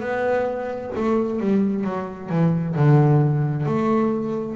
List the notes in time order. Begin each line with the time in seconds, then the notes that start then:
0.00 B3
0.95 A3
1.40 G3
1.84 F#3
2.29 E3
2.75 D3
3.66 A3